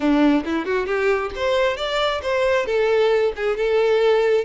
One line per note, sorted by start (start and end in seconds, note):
0.00 0.43 D4
0.44 0.65 E4
0.65 0.86 F#4
0.86 1.31 G4
1.35 1.76 C5
1.76 2.21 D5
2.22 2.66 C5
2.66 3.32 A4
3.36 3.57 G#4
3.57 4.44 A4